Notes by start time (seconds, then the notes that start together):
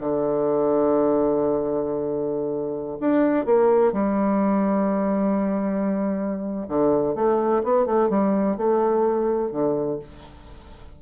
0.00 D3
3.00 D4
3.45 A#3
3.93 G3
6.68 D3
7.15 A3
7.63 B3
7.86 A3
8.10 G3
8.57 A3
9.51 D3